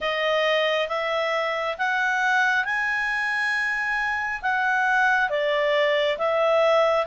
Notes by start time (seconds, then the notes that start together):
0.00 D#5
0.88 E5
1.78 F#5
2.64 G#5
4.42 F#5
5.29 D5
6.18 E5